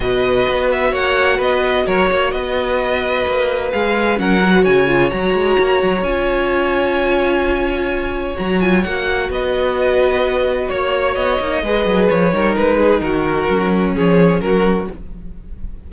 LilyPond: <<
  \new Staff \with { instrumentName = "violin" } { \time 4/4 \tempo 4 = 129 dis''4. e''8 fis''4 dis''4 | cis''4 dis''2. | f''4 fis''4 gis''4 ais''4~ | ais''4 gis''2.~ |
gis''2 ais''8 gis''8 fis''4 | dis''2. cis''4 | dis''2 cis''4 b'4 | ais'2 cis''4 ais'4 | }
  \new Staff \with { instrumentName = "violin" } { \time 4/4 b'2 cis''4 b'4 | ais'8 cis''8 b'2.~ | b'4 ais'8. b'16 cis''2~ | cis''1~ |
cis''1 | b'2. cis''4~ | cis''4 b'4. ais'4 gis'8 | fis'2 gis'4 fis'4 | }
  \new Staff \with { instrumentName = "viola" } { \time 4/4 fis'1~ | fis'1 | gis'4 cis'8 fis'4 f'8 fis'4~ | fis'4 f'2.~ |
f'2 fis'8 f'8 fis'4~ | fis'1~ | fis'8 dis'8 gis'4. dis'4.~ | dis'4 cis'2. | }
  \new Staff \with { instrumentName = "cello" } { \time 4/4 b,4 b4 ais4 b4 | fis8 ais8 b2 ais4 | gis4 fis4 cis4 fis8 gis8 | ais8 fis8 cis'2.~ |
cis'2 fis4 ais4 | b2. ais4 | b8 ais8 gis8 fis8 f8 g8 gis4 | dis4 fis4 f4 fis4 | }
>>